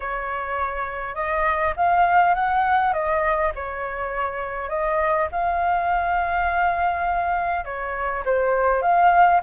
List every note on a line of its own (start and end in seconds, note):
0.00 1.15 C#5
1.15 1.74 D#5
1.76 2.34 F5
2.34 2.93 F#5
2.93 3.52 D#5
3.55 4.69 C#5
4.69 5.28 D#5
5.31 7.64 F5
7.64 8.23 C#5
8.25 8.82 C5
8.82 9.40 F5